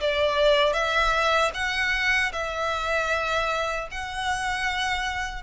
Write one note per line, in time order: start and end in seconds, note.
0.00 0.73 D5
0.73 1.51 E5
1.54 2.32 F#5
2.32 3.88 E5
3.91 5.43 F#5